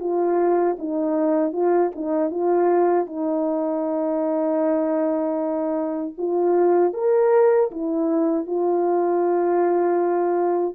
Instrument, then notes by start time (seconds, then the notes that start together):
horn
0.00 F4
0.79 D#4
1.53 F4
1.95 D#4
2.31 F4
3.06 D#4
6.18 F4
6.94 A#4
7.71 E4
8.47 F4